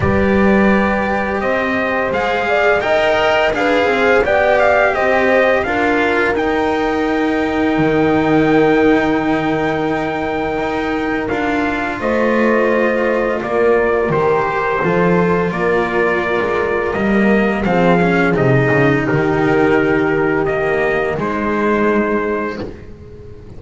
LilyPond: <<
  \new Staff \with { instrumentName = "trumpet" } { \time 4/4 \tempo 4 = 85 d''2 dis''4 f''4 | g''4 f''4 g''8 f''8 dis''4 | f''4 g''2.~ | g''1 |
f''4 dis''2 d''4 | c''2 d''2 | dis''4 f''4 dis''4 ais'4~ | ais'4 dis''4 c''2 | }
  \new Staff \with { instrumentName = "horn" } { \time 4/4 b'2 c''4. d''8 | dis''4 b'8 c''8 d''4 c''4 | ais'1~ | ais'1~ |
ais'4 c''2 ais'4~ | ais'4 a'4 ais'2~ | ais'4 gis'2 g'4~ | g'2 dis'2 | }
  \new Staff \with { instrumentName = "cello" } { \time 4/4 g'2. gis'4 | ais'4 gis'4 g'2 | f'4 dis'2.~ | dis'1 |
f'1 | g'4 f'2. | ais4 c'8 cis'8 dis'2~ | dis'4 ais4 gis2 | }
  \new Staff \with { instrumentName = "double bass" } { \time 4/4 g2 c'4 gis4 | dis'4 d'8 c'8 b4 c'4 | d'4 dis'2 dis4~ | dis2. dis'4 |
d'4 a2 ais4 | dis4 f4 ais4~ ais16 gis8. | g4 f4 c8 cis8 dis4~ | dis2 gis2 | }
>>